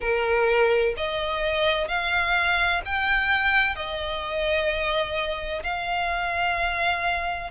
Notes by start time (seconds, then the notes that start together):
0.00 A#4
0.96 D#5
1.87 F5
2.85 G5
3.75 D#5
5.63 F5